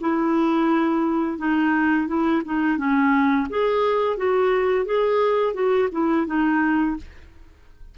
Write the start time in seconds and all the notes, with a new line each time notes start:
0.00 E4
1.38 D#4
2.07 E4
2.45 D#4
2.77 C#4
3.49 G#4
4.17 F#4
4.85 G#4
5.54 F#4
5.91 E4
6.27 D#4